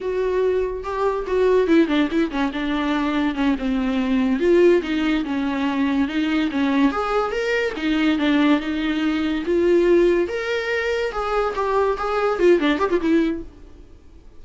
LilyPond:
\new Staff \with { instrumentName = "viola" } { \time 4/4 \tempo 4 = 143 fis'2 g'4 fis'4 | e'8 d'8 e'8 cis'8 d'2 | cis'8 c'2 f'4 dis'8~ | dis'8 cis'2 dis'4 cis'8~ |
cis'8 gis'4 ais'4 dis'4 d'8~ | d'8 dis'2 f'4.~ | f'8 ais'2 gis'4 g'8~ | g'8 gis'4 f'8 d'8 g'16 f'16 e'4 | }